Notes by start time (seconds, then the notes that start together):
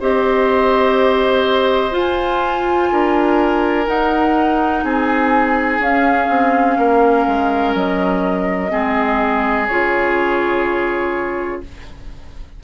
0.00 C4 G4 C5 D#5
1.91 F4 G#5
2.92 D4 A#4
3.87 D#4 F#5
4.83 C4 G#4 G#5
5.80 C#4 F5
6.29 C4
6.78 A#3 A#4
7.27 G#3
7.75 F#3 D#5
8.70 G#3 C4 G#4
9.67 C#3 F4 C#5